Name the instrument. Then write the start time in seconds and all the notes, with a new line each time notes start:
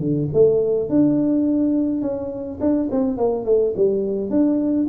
tuba
0.00 D3
0.34 A3
0.90 D4
2.02 C#4
2.61 D4
2.91 C4
3.17 A#3
3.45 A3
3.76 G3
4.30 D4